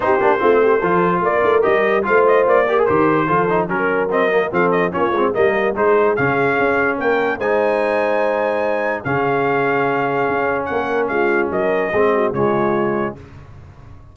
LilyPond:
<<
  \new Staff \with { instrumentName = "trumpet" } { \time 4/4 \tempo 4 = 146 c''2. d''4 | dis''4 f''8 dis''8 d''4 c''4~ | c''4 ais'4 dis''4 f''8 dis''8 | cis''4 dis''4 c''4 f''4~ |
f''4 g''4 gis''2~ | gis''2 f''2~ | f''2 fis''4 f''4 | dis''2 cis''2 | }
  \new Staff \with { instrumentName = "horn" } { \time 4/4 g'4 f'8 g'8 a'4 ais'4~ | ais'4 c''4. ais'4. | a'4 ais'2 a'4 | f'4 ais'4 gis'2~ |
gis'4 ais'4 c''2~ | c''2 gis'2~ | gis'2 ais'4 f'4 | ais'4 gis'8 fis'8 f'2 | }
  \new Staff \with { instrumentName = "trombone" } { \time 4/4 dis'8 d'8 c'4 f'2 | g'4 f'4. g'16 gis'16 g'4 | f'8 dis'8 cis'4 c'8 ais8 c'4 | cis'8 c'8 ais4 dis'4 cis'4~ |
cis'2 dis'2~ | dis'2 cis'2~ | cis'1~ | cis'4 c'4 gis2 | }
  \new Staff \with { instrumentName = "tuba" } { \time 4/4 c'8 ais8 a4 f4 ais8 a8 | g4 a4 ais4 dis4 | f4 fis2 f4 | ais8 gis8 g4 gis4 cis4 |
cis'4 ais4 gis2~ | gis2 cis2~ | cis4 cis'4 ais4 gis4 | fis4 gis4 cis2 | }
>>